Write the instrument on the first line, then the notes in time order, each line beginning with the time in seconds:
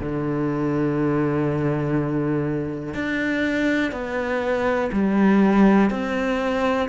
cello
0.00 D3
2.95 D4
3.92 B3
4.92 G3
5.91 C4